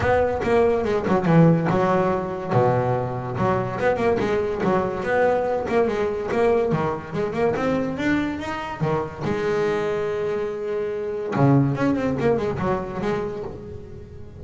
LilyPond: \new Staff \with { instrumentName = "double bass" } { \time 4/4 \tempo 4 = 143 b4 ais4 gis8 fis8 e4 | fis2 b,2 | fis4 b8 ais8 gis4 fis4 | b4. ais8 gis4 ais4 |
dis4 gis8 ais8 c'4 d'4 | dis'4 dis4 gis2~ | gis2. cis4 | cis'8 c'8 ais8 gis8 fis4 gis4 | }